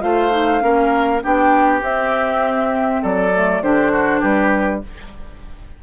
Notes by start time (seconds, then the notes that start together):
0.00 A3 F4 C5 F5
0.30 D#4
0.60 A#3 C#4 A#4
1.22 B3 D4 G4 G5
1.81 C4 E5
3.02 F#3 A4 D5
3.33 A3
3.62 D3 D4 G4 C5
3.91 F#4
4.20 G3 G4 B4